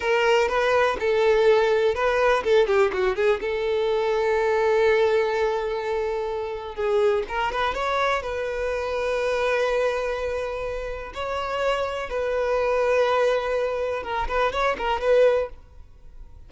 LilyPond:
\new Staff \with { instrumentName = "violin" } { \time 4/4 \tempo 4 = 124 ais'4 b'4 a'2 | b'4 a'8 g'8 fis'8 gis'8 a'4~ | a'1~ | a'2 gis'4 ais'8 b'8 |
cis''4 b'2.~ | b'2. cis''4~ | cis''4 b'2.~ | b'4 ais'8 b'8 cis''8 ais'8 b'4 | }